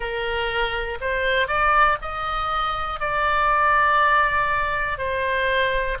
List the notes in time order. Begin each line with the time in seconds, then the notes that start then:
0.00 A#4
1.00 C5
1.47 D5
2.01 D#5
3.00 D5
4.98 C5